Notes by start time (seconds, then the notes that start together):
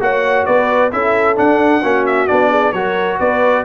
0.00 A#3 F#4 C#5 F#5
0.46 B3 B4 D5
0.91 C#4 E4 A4 E5
1.36 D4 F#5
1.82 A#3 C#4 F#4
2.06 E5
2.27 B3 D4 D5
2.50 G#4
2.73 F#3 F#4 A#4 C#5
3.19 B3 B4 D5